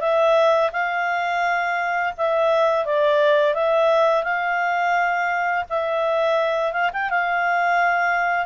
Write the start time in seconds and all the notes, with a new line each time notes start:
0.00 E5
0.72 F5
2.17 E5
2.85 D5
3.54 E5
4.24 F5
5.69 E5
6.73 F5
6.93 G5
7.09 F5